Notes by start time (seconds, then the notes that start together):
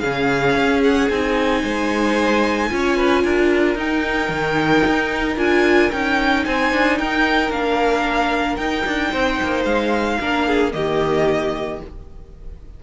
0.00 C#3 C#4 G#4 F5
0.56 C#4
0.83 F#5
1.09 C4 D#4 G#5
1.62 G#3 C5
2.70 C#4 F4 C#5
2.97 B4
3.23 D4 A#4
3.75 D#4 G5
4.29 D#3
4.86 D#4
5.37 D4 F4 G#5
5.91 C#4 D#4 G5
6.45 C4 C5 G#5
6.72 D4
6.98 D#4 A#4 G5
7.51 A#3 D4 F5
8.56 D#4 G5
8.86 D4
9.11 C4 C5
9.42 A#3
9.65 G#3 F5
10.21 A#3 D4 A#4
10.47 G#4
10.71 D#3 A#3 G4 D#5